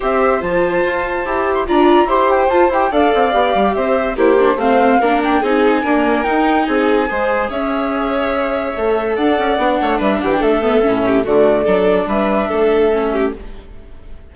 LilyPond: <<
  \new Staff \with { instrumentName = "flute" } { \time 4/4 \tempo 4 = 144 e''4 a''2~ a''8. c'''16 | ais''4 c'''8 g''8 a''8 g''8 f''4~ | f''4 e''4 c''4 f''4~ | f''8 g''8 gis''2 g''4 |
gis''2 e''2~ | e''2 fis''2 | e''8 fis''16 g''16 e''2 d''4~ | d''4 e''2. | }
  \new Staff \with { instrumentName = "violin" } { \time 4/4 c''1 | d''4 c''2 d''4~ | d''4 c''4 g'4 c''4 | ais'4 gis'4 ais'2 |
gis'4 c''4 cis''2~ | cis''2 d''4. cis''8 | b'8 g'8 a'4. g'8 fis'4 | a'4 b'4 a'4. g'8 | }
  \new Staff \with { instrumentName = "viola" } { \time 4/4 g'4 f'2 g'4 | f'4 g'4 f'8 g'8 a'4 | g'2 e'8 d'8 c'4 | d'4 dis'4 ais4 dis'4~ |
dis'4 gis'2.~ | gis'4 a'2 d'4~ | d'4. b8 cis'4 a4 | d'2. cis'4 | }
  \new Staff \with { instrumentName = "bassoon" } { \time 4/4 c'4 f4 f'4 e'4 | d'4 e'4 f'8 e'8 d'8 c'8 | b8 g8 c'4 ais4 a4 | ais4 c'4 d'4 dis'4 |
c'4 gis4 cis'2~ | cis'4 a4 d'8 cis'8 b8 a8 | g8 e8 a4 a,4 d4 | fis4 g4 a2 | }
>>